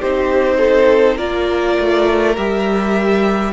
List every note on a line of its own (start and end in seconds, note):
0.00 1.19 C4
0.00 1.18 D#4
0.00 0.58 G4
0.00 1.18 C5
0.58 1.16 A4
1.16 1.78 A#3
1.16 2.36 F4
1.16 3.52 A#4
1.16 2.36 D5
1.80 2.38 A3
2.37 3.53 G3
2.37 3.53 G4
2.37 3.53 E5